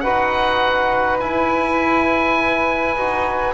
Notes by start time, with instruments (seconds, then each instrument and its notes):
0.00 double bass D#4, trombone F#4, saxophone B4, oboe F#5
1.20 trombone E4, double bass E4, oboe G#5
2.96 double bass D#4, trombone F#4